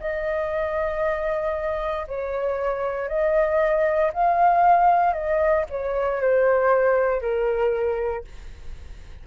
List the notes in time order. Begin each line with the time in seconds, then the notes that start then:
0.00 D#5
2.08 C#5
3.08 D#5
4.14 F5
5.13 D#5
5.70 C#5
6.22 C5
7.21 A#4